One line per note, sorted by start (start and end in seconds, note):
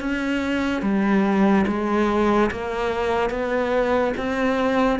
0.00 0.82 C#4
0.82 1.65 G3
1.67 2.50 G#3
2.51 3.30 A#3
3.30 4.13 B3
4.17 4.99 C4